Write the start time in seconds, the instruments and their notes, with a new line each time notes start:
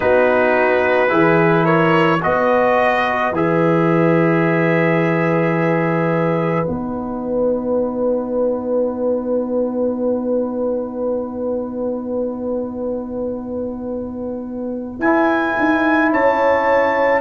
0.00 tuba B3, trombone D#4, horn F#4, trumpet B4
1.08 tuba E3, trombone E4, horn G#4
1.64 horn A#4, trumpet C#5
2.21 tuba B3, trombone F#4, horn B4, trumpet D#5
3.31 tuba E3, trombone G#4, trumpet E5
6.65 tuba B3, trombone D#4, trumpet F#5
14.99 tuba E4, trombone E4, trumpet G#5
15.59 tuba D#4
16.12 tuba C#4, horn C#5, trumpet A5